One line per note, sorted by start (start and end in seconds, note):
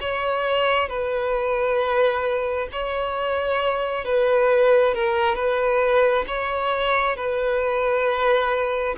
0.00 0.88 C#5
0.88 2.67 B4
2.72 4.05 C#5
4.05 4.94 B4
4.94 5.35 A#4
5.35 6.24 B4
6.27 7.16 C#5
7.16 8.95 B4